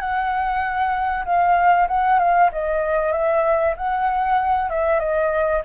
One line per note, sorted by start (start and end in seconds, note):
0.00 1.25 F#5
1.26 1.88 F5
1.88 2.19 F#5
2.19 2.51 F5
2.53 3.13 D#5
3.13 3.75 E5
3.77 4.70 F#5
4.70 5.00 E5
5.00 5.62 D#5